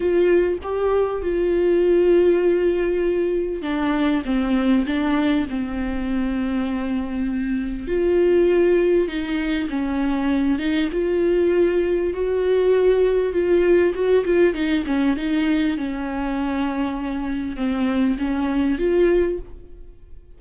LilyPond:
\new Staff \with { instrumentName = "viola" } { \time 4/4 \tempo 4 = 99 f'4 g'4 f'2~ | f'2 d'4 c'4 | d'4 c'2.~ | c'4 f'2 dis'4 |
cis'4. dis'8 f'2 | fis'2 f'4 fis'8 f'8 | dis'8 cis'8 dis'4 cis'2~ | cis'4 c'4 cis'4 f'4 | }